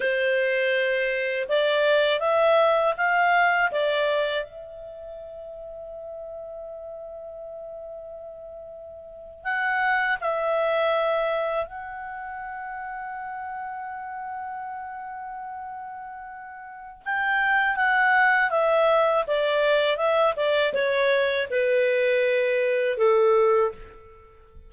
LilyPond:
\new Staff \with { instrumentName = "clarinet" } { \time 4/4 \tempo 4 = 81 c''2 d''4 e''4 | f''4 d''4 e''2~ | e''1~ | e''8. fis''4 e''2 fis''16~ |
fis''1~ | fis''2. g''4 | fis''4 e''4 d''4 e''8 d''8 | cis''4 b'2 a'4 | }